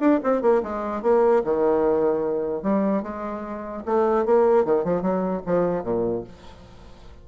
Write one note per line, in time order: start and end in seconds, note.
0.00 0.20 D4
0.24 0.42 C4
0.42 0.62 A#3
0.63 1.03 G#3
1.03 1.43 A#3
1.44 2.63 D#3
2.63 3.03 G3
3.03 3.83 G#3
3.86 4.26 A3
4.26 4.65 A#3
4.65 4.84 D#3
4.84 5.02 F3
5.02 5.42 F#3
5.46 5.84 F3
5.84 6.24 A#2